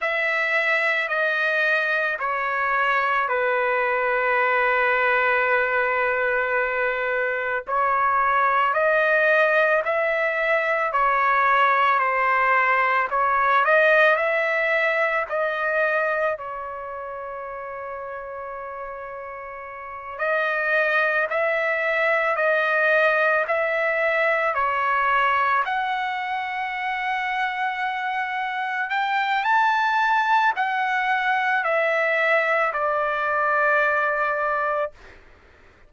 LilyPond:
\new Staff \with { instrumentName = "trumpet" } { \time 4/4 \tempo 4 = 55 e''4 dis''4 cis''4 b'4~ | b'2. cis''4 | dis''4 e''4 cis''4 c''4 | cis''8 dis''8 e''4 dis''4 cis''4~ |
cis''2~ cis''8 dis''4 e''8~ | e''8 dis''4 e''4 cis''4 fis''8~ | fis''2~ fis''8 g''8 a''4 | fis''4 e''4 d''2 | }